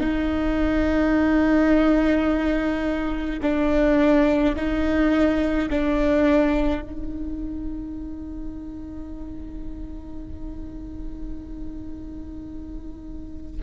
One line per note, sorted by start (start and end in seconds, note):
0.00 3.40 D#4
3.42 4.55 D4
4.55 5.69 D#4
5.70 6.82 D4
6.82 13.61 D#4